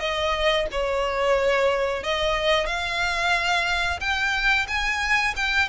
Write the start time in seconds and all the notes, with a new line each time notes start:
0.00 D#5
0.71 C#5
2.03 D#5
2.66 F5
4.00 G5
4.68 G#5
5.36 G5